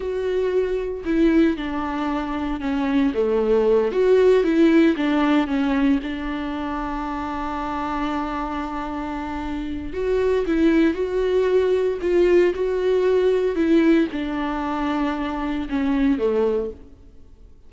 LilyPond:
\new Staff \with { instrumentName = "viola" } { \time 4/4 \tempo 4 = 115 fis'2 e'4 d'4~ | d'4 cis'4 a4. fis'8~ | fis'8 e'4 d'4 cis'4 d'8~ | d'1~ |
d'2. fis'4 | e'4 fis'2 f'4 | fis'2 e'4 d'4~ | d'2 cis'4 a4 | }